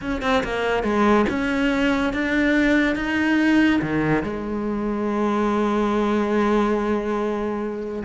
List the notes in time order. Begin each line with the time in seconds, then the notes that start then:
0.01 C#4
0.22 C4
0.43 A#3
0.83 G#3
1.29 C#4
2.13 D4
2.95 D#4
3.81 D#3
4.23 G#3